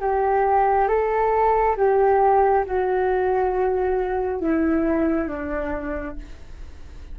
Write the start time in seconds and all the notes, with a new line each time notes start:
0.00 G4
0.88 A4
1.76 G4
2.66 F#4
4.40 E4
5.27 D4